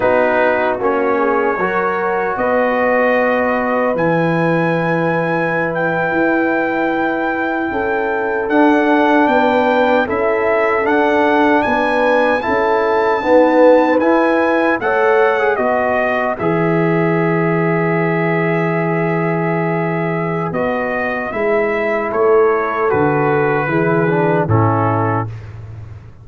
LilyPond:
<<
  \new Staff \with { instrumentName = "trumpet" } { \time 4/4 \tempo 4 = 76 b'4 cis''2 dis''4~ | dis''4 gis''2~ gis''16 g''8.~ | g''2~ g''8. fis''4 g''16~ | g''8. e''4 fis''4 gis''4 a''16~ |
a''4.~ a''16 gis''4 fis''4 dis''16~ | dis''8. e''2.~ e''16~ | e''2 dis''4 e''4 | cis''4 b'2 a'4 | }
  \new Staff \with { instrumentName = "horn" } { \time 4/4 fis'4. gis'8 ais'4 b'4~ | b'1~ | b'4.~ b'16 a'2 b'16~ | b'8. a'2 b'4 a'16~ |
a'8. b'2 cis''4 b'16~ | b'1~ | b'1 | a'2 gis'4 e'4 | }
  \new Staff \with { instrumentName = "trombone" } { \time 4/4 dis'4 cis'4 fis'2~ | fis'4 e'2.~ | e'2~ e'8. d'4~ d'16~ | d'8. e'4 d'2 e'16~ |
e'8. b4 e'4 a'8. gis'16 fis'16~ | fis'8. gis'2.~ gis'16~ | gis'2 fis'4 e'4~ | e'4 fis'4 e'8 d'8 cis'4 | }
  \new Staff \with { instrumentName = "tuba" } { \time 4/4 b4 ais4 fis4 b4~ | b4 e2~ e8. e'16~ | e'4.~ e'16 cis'4 d'4 b16~ | b8. cis'4 d'4 b4 cis'16~ |
cis'8. dis'4 e'4 a4 b16~ | b8. e2.~ e16~ | e2 b4 gis4 | a4 d4 e4 a,4 | }
>>